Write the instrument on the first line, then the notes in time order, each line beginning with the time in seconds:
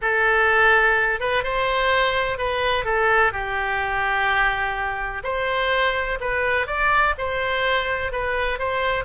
oboe
0.01 A4
1.19 B4
1.43 C5
2.37 B4
2.84 A4
3.32 G4
5.23 C5
6.20 B4
6.66 D5
7.18 C5
8.11 B4
8.58 C5